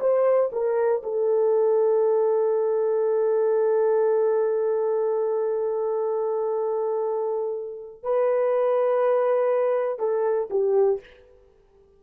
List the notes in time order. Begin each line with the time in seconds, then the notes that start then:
0.00 C5
0.52 A#4
1.03 A4
8.03 B4
9.99 A4
10.50 G4